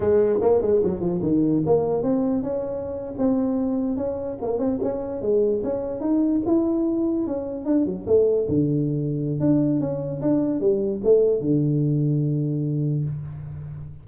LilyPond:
\new Staff \with { instrumentName = "tuba" } { \time 4/4 \tempo 4 = 147 gis4 ais8 gis8 fis8 f8 dis4 | ais4 c'4 cis'4.~ cis'16 c'16~ | c'4.~ c'16 cis'4 ais8 c'8 cis'16~ | cis'8. gis4 cis'4 dis'4 e'16~ |
e'4.~ e'16 cis'4 d'8 fis8 a16~ | a8. d2~ d16 d'4 | cis'4 d'4 g4 a4 | d1 | }